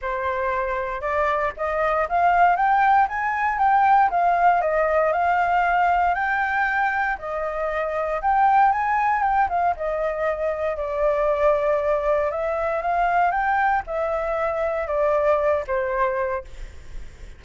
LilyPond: \new Staff \with { instrumentName = "flute" } { \time 4/4 \tempo 4 = 117 c''2 d''4 dis''4 | f''4 g''4 gis''4 g''4 | f''4 dis''4 f''2 | g''2 dis''2 |
g''4 gis''4 g''8 f''8 dis''4~ | dis''4 d''2. | e''4 f''4 g''4 e''4~ | e''4 d''4. c''4. | }